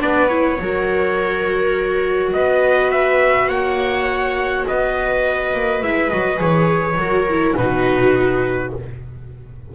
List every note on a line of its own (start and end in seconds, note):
0.00 0.60 B3
0.00 0.29 D4
0.00 0.59 B4
0.00 0.29 D5
0.29 0.59 E4
0.29 2.33 C#5
0.60 2.33 F#3
0.60 5.84 F#4
0.60 2.36 A#4
2.33 3.49 B3
2.33 3.50 B4
2.33 2.91 D#5
2.91 3.49 E5
3.49 4.65 A#3
3.49 4.67 C#5
3.49 4.66 F#5
4.68 5.54 B3
4.68 7.00 B4
4.68 5.83 D#5
5.54 5.83 A#3
5.83 6.12 G#3
5.83 6.11 E4
5.83 6.11 E5
6.11 6.41 F#3
6.11 6.37 F#4
6.11 6.40 D#5
6.37 6.96 E3
6.37 6.95 G#4
6.37 7.57 C#5
6.96 7.54 F#3
6.96 7.28 F#4
6.96 7.58 A#4
7.30 7.58 E4
7.57 8.73 B2
7.57 8.74 D#4
7.57 8.75 F#4
7.57 8.73 B4